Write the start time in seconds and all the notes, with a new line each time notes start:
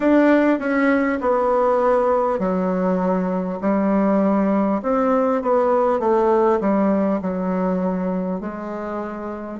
0.00 D4
0.59 C#4
1.20 B3
2.39 F#3
3.61 G3
4.82 C4
5.42 B3
5.99 A3
6.60 G3
7.21 F#3
8.40 G#3